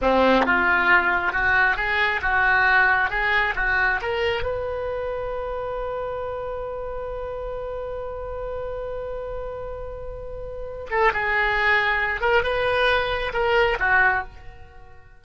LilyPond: \new Staff \with { instrumentName = "oboe" } { \time 4/4 \tempo 4 = 135 c'4 f'2 fis'4 | gis'4 fis'2 gis'4 | fis'4 ais'4 b'2~ | b'1~ |
b'1~ | b'1~ | b'8 a'8 gis'2~ gis'8 ais'8 | b'2 ais'4 fis'4 | }